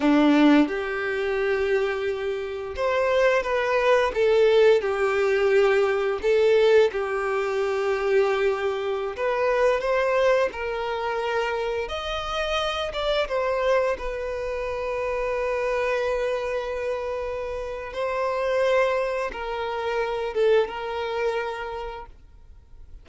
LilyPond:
\new Staff \with { instrumentName = "violin" } { \time 4/4 \tempo 4 = 87 d'4 g'2. | c''4 b'4 a'4 g'4~ | g'4 a'4 g'2~ | g'4~ g'16 b'4 c''4 ais'8.~ |
ais'4~ ais'16 dis''4. d''8 c''8.~ | c''16 b'2.~ b'8.~ | b'2 c''2 | ais'4. a'8 ais'2 | }